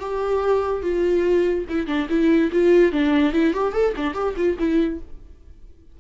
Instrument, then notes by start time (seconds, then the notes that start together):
viola
0.00 G4
0.83 F4
1.69 E4
1.87 D4
2.10 E4
2.52 F4
2.92 D4
3.33 E4
3.54 G4
3.73 A4
3.97 D4
4.14 G4
4.37 F4
4.59 E4